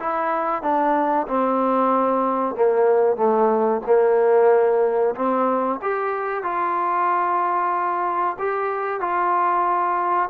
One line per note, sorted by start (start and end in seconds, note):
0.00 0.63 E4
0.63 1.27 D4
1.28 2.55 C4
2.55 3.17 A#3
3.17 3.81 A3
3.86 5.15 A#3
5.15 5.80 C4
5.82 6.43 G4
6.43 8.37 F4
8.39 9.01 G4
9.01 10.30 F4